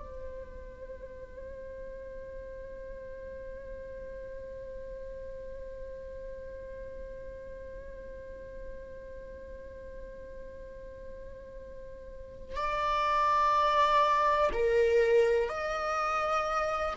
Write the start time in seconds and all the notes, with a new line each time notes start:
0.00 C5
12.56 D5
14.53 A#4
15.49 D#5